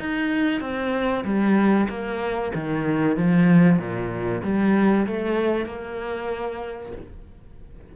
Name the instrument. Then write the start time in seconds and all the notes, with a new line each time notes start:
cello
0.00 D#4
0.61 C4
1.25 G3
1.89 A#3
2.54 D#3
3.17 F3
3.79 A#2
4.43 G3
5.07 A3
5.66 A#3